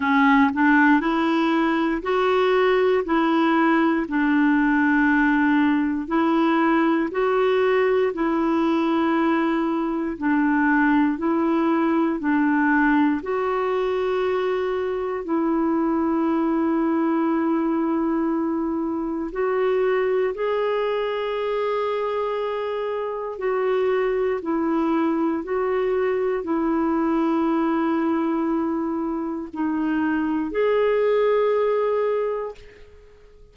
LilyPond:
\new Staff \with { instrumentName = "clarinet" } { \time 4/4 \tempo 4 = 59 cis'8 d'8 e'4 fis'4 e'4 | d'2 e'4 fis'4 | e'2 d'4 e'4 | d'4 fis'2 e'4~ |
e'2. fis'4 | gis'2. fis'4 | e'4 fis'4 e'2~ | e'4 dis'4 gis'2 | }